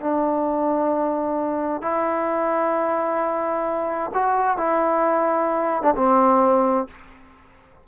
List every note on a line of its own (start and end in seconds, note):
0.00 1.82 D4
1.82 4.11 E4
4.14 4.58 F#4
4.58 5.83 E4
5.83 5.94 D4
5.96 6.87 C4